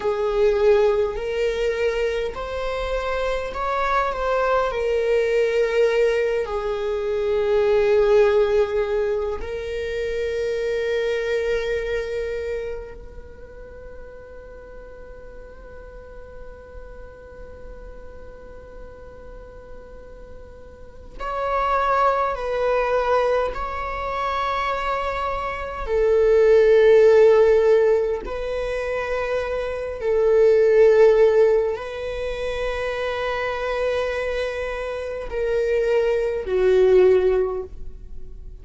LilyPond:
\new Staff \with { instrumentName = "viola" } { \time 4/4 \tempo 4 = 51 gis'4 ais'4 c''4 cis''8 c''8 | ais'4. gis'2~ gis'8 | ais'2. b'4~ | b'1~ |
b'2 cis''4 b'4 | cis''2 a'2 | b'4. a'4. b'4~ | b'2 ais'4 fis'4 | }